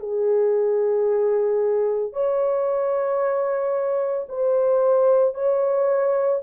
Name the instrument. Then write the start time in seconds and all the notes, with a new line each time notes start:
horn
0.00 G#4
2.13 C#5
4.29 C5
5.35 C#5